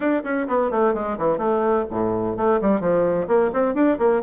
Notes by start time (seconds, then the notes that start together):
0.00 D4
0.23 C#4
0.47 B3
0.70 A3
0.94 G#3
1.17 E3
1.37 A3
1.90 A2
2.36 A3
2.61 G3
2.80 F3
3.27 A#3
3.53 C4
3.74 D4
3.98 A#3